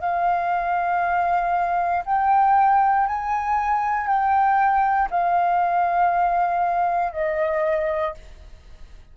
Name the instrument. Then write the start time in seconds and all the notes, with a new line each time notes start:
flute
0.00 F5
2.05 G5
3.07 G#5
4.07 G5
5.10 F5
7.12 D#5